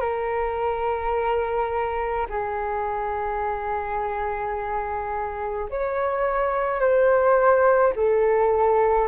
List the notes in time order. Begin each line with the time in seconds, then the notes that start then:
0.00 A#4
2.29 G#4
5.70 C#5
6.80 C5
7.96 A4